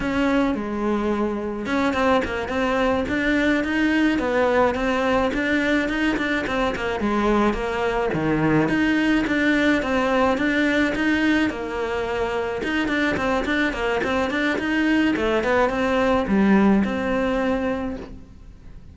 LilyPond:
\new Staff \with { instrumentName = "cello" } { \time 4/4 \tempo 4 = 107 cis'4 gis2 cis'8 c'8 | ais8 c'4 d'4 dis'4 b8~ | b8 c'4 d'4 dis'8 d'8 c'8 | ais8 gis4 ais4 dis4 dis'8~ |
dis'8 d'4 c'4 d'4 dis'8~ | dis'8 ais2 dis'8 d'8 c'8 | d'8 ais8 c'8 d'8 dis'4 a8 b8 | c'4 g4 c'2 | }